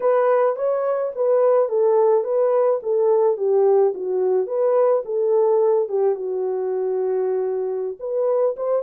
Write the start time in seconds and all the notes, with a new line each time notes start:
0.00 B4
0.56 C#5
1.15 B4
1.68 A4
2.24 B4
2.82 A4
3.37 G4
3.94 F#4
4.46 B4
5.05 A4
5.88 G4
6.15 F#4
7.99 B4
8.56 C5